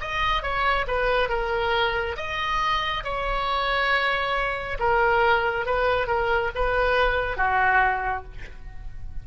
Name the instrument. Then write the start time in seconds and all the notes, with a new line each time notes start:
oboe
0.00 D#5
0.42 C#5
0.87 B4
1.29 A#4
2.16 D#5
3.04 C#5
4.79 A#4
5.66 B4
6.07 A#4
6.55 B4
7.37 F#4